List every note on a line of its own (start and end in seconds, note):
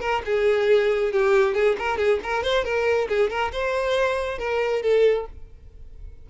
0.00 0.22 A#4
0.25 1.12 G#4
1.12 1.54 G4
1.54 1.76 G#4
1.78 1.98 A#4
1.98 2.20 G#4
2.23 2.43 A#4
2.43 2.64 C5
2.64 3.08 A#4
3.09 3.30 G#4
3.30 3.52 A#4
3.52 4.38 C5
4.38 4.82 A#4
4.82 5.26 A4